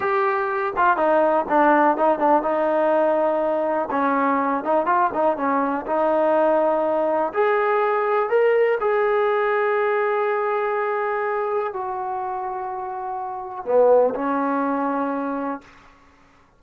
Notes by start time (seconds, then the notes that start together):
0.00 G4
0.76 F4
0.96 D#4
1.48 D4
1.97 D#4
2.18 D4
2.42 D#4
3.90 C#4
4.63 D#4
4.86 F4
5.13 D#4
5.36 C#4
5.86 D#4
7.33 G#4
8.29 A#4
8.80 G#4
11.73 F#4
13.65 B3
14.14 C#4